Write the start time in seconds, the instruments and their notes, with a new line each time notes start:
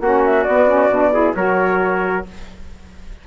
0.00 bassoon A#3, saxophone C#4, trumpet F#4, flute F#5
0.25 flute E5
0.44 bassoon B3, saxophone B3, flute D5
0.68 saxophone C#4
0.89 bassoon B2, saxophone D4
1.13 saxophone E4, trumpet G#4
1.35 bassoon F#3, saxophone F#4, trumpet A#4, flute C#5